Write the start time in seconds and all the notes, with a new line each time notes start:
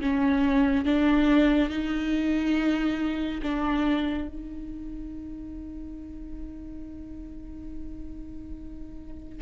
0.00 C#4
0.85 D4
1.69 D#4
3.42 D4
4.28 D#4